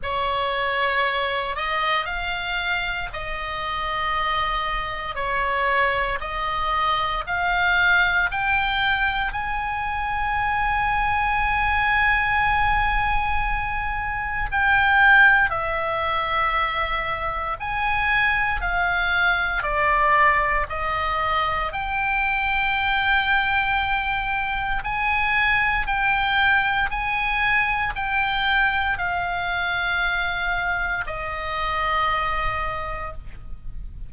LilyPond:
\new Staff \with { instrumentName = "oboe" } { \time 4/4 \tempo 4 = 58 cis''4. dis''8 f''4 dis''4~ | dis''4 cis''4 dis''4 f''4 | g''4 gis''2.~ | gis''2 g''4 e''4~ |
e''4 gis''4 f''4 d''4 | dis''4 g''2. | gis''4 g''4 gis''4 g''4 | f''2 dis''2 | }